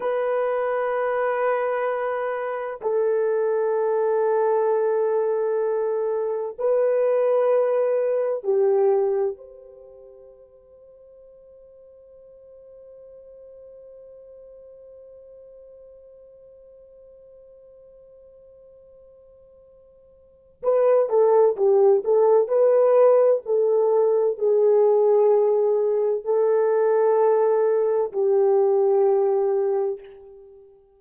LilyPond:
\new Staff \with { instrumentName = "horn" } { \time 4/4 \tempo 4 = 64 b'2. a'4~ | a'2. b'4~ | b'4 g'4 c''2~ | c''1~ |
c''1~ | c''2 b'8 a'8 g'8 a'8 | b'4 a'4 gis'2 | a'2 g'2 | }